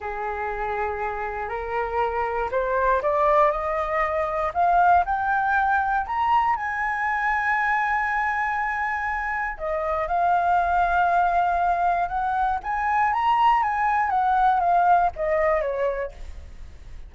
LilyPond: \new Staff \with { instrumentName = "flute" } { \time 4/4 \tempo 4 = 119 gis'2. ais'4~ | ais'4 c''4 d''4 dis''4~ | dis''4 f''4 g''2 | ais''4 gis''2.~ |
gis''2. dis''4 | f''1 | fis''4 gis''4 ais''4 gis''4 | fis''4 f''4 dis''4 cis''4 | }